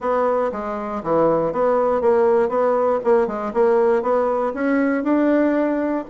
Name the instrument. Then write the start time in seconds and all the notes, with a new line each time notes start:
bassoon
0.00 B3
0.52 G#3
1.03 E3
1.52 B3
2.01 A#3
2.48 B3
3.04 A#3
3.27 G#3
3.53 A#3
4.02 B3
4.54 C#4
5.03 D4